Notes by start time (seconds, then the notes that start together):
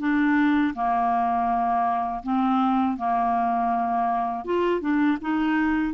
0.00 D4
0.75 A#3
2.23 C4
2.97 A#3
4.45 F4
4.81 D4
5.22 D#4